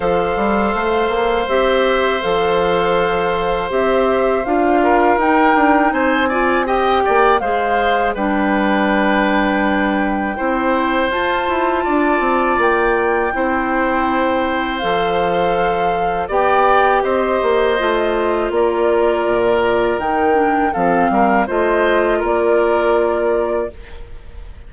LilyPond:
<<
  \new Staff \with { instrumentName = "flute" } { \time 4/4 \tempo 4 = 81 f''2 e''4 f''4~ | f''4 e''4 f''4 g''4 | gis''4 g''4 f''4 g''4~ | g''2. a''4~ |
a''4 g''2. | f''2 g''4 dis''4~ | dis''4 d''2 g''4 | f''4 dis''4 d''2 | }
  \new Staff \with { instrumentName = "oboe" } { \time 4/4 c''1~ | c''2~ c''8 ais'4. | c''8 d''8 dis''8 d''8 c''4 b'4~ | b'2 c''2 |
d''2 c''2~ | c''2 d''4 c''4~ | c''4 ais'2. | a'8 ais'8 c''4 ais'2 | }
  \new Staff \with { instrumentName = "clarinet" } { \time 4/4 a'2 g'4 a'4~ | a'4 g'4 f'4 dis'4~ | dis'8 f'8 g'4 gis'4 d'4~ | d'2 e'4 f'4~ |
f'2 e'2 | a'2 g'2 | f'2. dis'8 d'8 | c'4 f'2. | }
  \new Staff \with { instrumentName = "bassoon" } { \time 4/4 f8 g8 a8 ais8 c'4 f4~ | f4 c'4 d'4 dis'8 d'8 | c'4. ais8 gis4 g4~ | g2 c'4 f'8 e'8 |
d'8 c'8 ais4 c'2 | f2 b4 c'8 ais8 | a4 ais4 ais,4 dis4 | f8 g8 a4 ais2 | }
>>